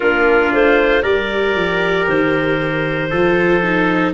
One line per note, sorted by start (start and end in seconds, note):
0.00 0.53 A#3
0.00 1.03 D4
0.00 1.02 F4
0.00 0.52 A#4
0.53 1.04 A3
0.53 1.02 C5
1.02 1.55 G3
1.02 3.09 G4
1.02 3.09 A#4
1.02 2.06 D5
1.55 2.07 F3
2.07 3.12 D#3
2.07 4.14 C5
3.10 4.14 F3
3.10 3.63 F4
3.10 4.13 A4
3.63 4.14 D#4